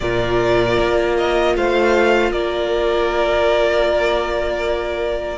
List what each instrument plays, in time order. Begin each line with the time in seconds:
0.00 cello A#2, viola F4, violin A#4 D5
0.79 cello A#3
1.17 violin D#5
1.56 cello A3, violin C5 F5
2.30 cello A#3, violin A#4 D5